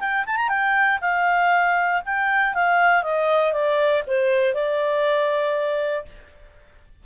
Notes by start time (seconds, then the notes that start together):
0.00 G5
0.26 A5
0.37 A#5
0.49 G5
1.01 F5
2.06 G5
2.54 F5
3.03 D#5
3.53 D5
4.07 C5
4.54 D5